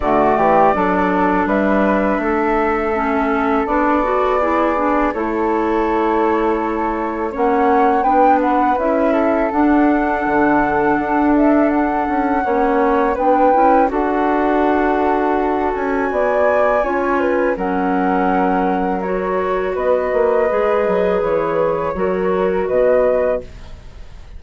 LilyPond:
<<
  \new Staff \with { instrumentName = "flute" } { \time 4/4 \tempo 4 = 82 d''2 e''2~ | e''4 d''2 cis''4~ | cis''2 fis''4 g''8 fis''8 | e''4 fis''2~ fis''8 e''8 |
fis''2 g''4 fis''4~ | fis''4. gis''2~ gis''8 | fis''2 cis''4 dis''4~ | dis''4 cis''2 dis''4 | }
  \new Staff \with { instrumentName = "flute" } { \time 4/4 fis'8 g'8 a'4 b'4 a'4~ | a'2 gis'4 a'4~ | a'2 cis''4 b'4~ | b'8 a'2.~ a'8~ |
a'4 cis''4 b'4 a'4~ | a'2 d''4 cis''8 b'8 | ais'2. b'4~ | b'2 ais'4 b'4 | }
  \new Staff \with { instrumentName = "clarinet" } { \time 4/4 a4 d'2. | cis'4 d'8 fis'8 e'8 d'8 e'4~ | e'2 cis'4 d'4 | e'4 d'2.~ |
d'4 cis'4 d'8 e'8 fis'4~ | fis'2. f'4 | cis'2 fis'2 | gis'2 fis'2 | }
  \new Staff \with { instrumentName = "bassoon" } { \time 4/4 d8 e8 fis4 g4 a4~ | a4 b2 a4~ | a2 ais4 b4 | cis'4 d'4 d4 d'4~ |
d'8 cis'8 ais4 b8 cis'8 d'4~ | d'4. cis'8 b4 cis'4 | fis2. b8 ais8 | gis8 fis8 e4 fis4 b,4 | }
>>